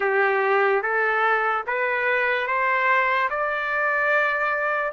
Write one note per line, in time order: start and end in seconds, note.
0.00 0.82 G4
0.82 1.64 A4
1.66 2.47 B4
2.47 3.29 C5
3.30 4.92 D5